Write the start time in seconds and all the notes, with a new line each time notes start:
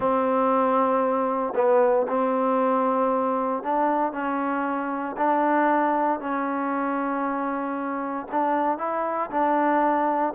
0.00 C4
1.55 B3
2.08 C4
3.63 D4
4.12 C#4
5.17 D4
6.20 C#4
8.31 D4
8.78 E4
9.30 D4